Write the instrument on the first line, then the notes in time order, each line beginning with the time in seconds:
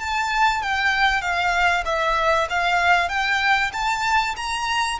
violin
0.00 A5
0.62 G5
1.22 F5
1.85 E5
2.50 F5
3.09 G5
3.73 A5
4.36 A#5